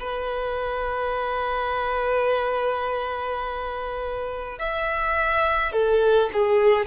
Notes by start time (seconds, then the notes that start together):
0.00 B4
4.59 E5
5.73 A4
6.34 G#4